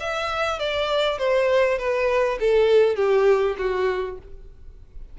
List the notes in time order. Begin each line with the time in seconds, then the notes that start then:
0.00 E5
0.59 D5
1.18 C5
1.78 B4
2.40 A4
2.96 G4
3.58 F#4